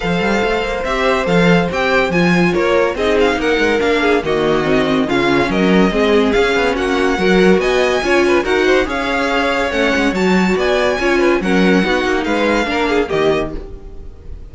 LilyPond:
<<
  \new Staff \with { instrumentName = "violin" } { \time 4/4 \tempo 4 = 142 f''2 e''4 f''4 | g''4 gis''4 cis''4 dis''8 f''8 | fis''4 f''4 dis''2 | f''4 dis''2 f''4 |
fis''2 gis''2 | fis''4 f''2 fis''4 | a''4 gis''2 fis''4~ | fis''4 f''2 dis''4 | }
  \new Staff \with { instrumentName = "violin" } { \time 4/4 c''1~ | c''2 ais'4 gis'4 | ais'4. gis'8 fis'2 | f'4 ais'4 gis'2 |
fis'4 ais'4 dis''4 cis''8 b'8 | ais'8 c''8 cis''2.~ | cis''4 d''4 cis''8 b'8 ais'4 | fis'4 b'4 ais'8 gis'8 g'4 | }
  \new Staff \with { instrumentName = "viola" } { \time 4/4 a'2 g'4 a'4 | g'4 f'2 dis'4~ | dis'4 d'4 ais4 c'4 | cis'2 c'4 cis'4~ |
cis'4 fis'2 f'4 | fis'4 gis'2 cis'4 | fis'2 f'4 cis'4 | dis'2 d'4 ais4 | }
  \new Staff \with { instrumentName = "cello" } { \time 4/4 f8 g8 a8 ais8 c'4 f4 | c'4 f4 ais4 c'4 | ais8 gis8 ais4 dis2 | cis4 fis4 gis4 cis'8 b8 |
ais4 fis4 b4 cis'4 | dis'4 cis'2 a8 gis8 | fis4 b4 cis'4 fis4 | b8 ais8 gis4 ais4 dis4 | }
>>